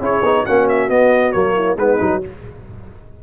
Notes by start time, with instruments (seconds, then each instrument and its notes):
0.00 tuba C#4, trombone E4, horn G#4, trumpet C#5
0.22 tuba B3, trombone D#4
0.44 tuba A#3, trombone C#4, horn F#4, trumpet F#5
0.68 trumpet E5
0.89 trombone B3, tuba B3, trumpet D#5
1.32 tuba F#3, trombone A#3, trumpet C#5
1.55 horn E4
1.76 tuba G#3, trombone B3, horn D#4, trumpet B4
1.99 tuba F#3, trombone D#4